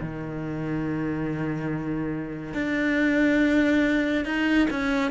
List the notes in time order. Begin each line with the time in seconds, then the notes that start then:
0.00 D#3
2.54 D4
4.25 D#4
4.71 C#4